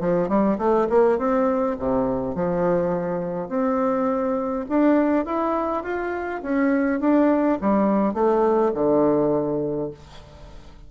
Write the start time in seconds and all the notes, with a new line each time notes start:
0.00 F3
0.29 G3
0.58 A3
0.89 A#3
1.18 C4
1.79 C3
2.35 F3
3.49 C4
4.69 D4
5.25 E4
5.83 F4
6.42 C#4
7.00 D4
7.61 G3
8.14 A3
8.74 D3